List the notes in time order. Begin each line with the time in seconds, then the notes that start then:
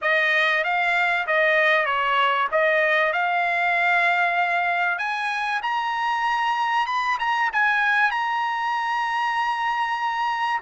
0.01 D#5
0.64 F5
1.26 D#5
1.85 C#5
2.51 D#5
3.12 F5
4.98 G#5
5.62 A#5
6.86 B5
7.19 A#5
7.52 G#5
8.11 A#5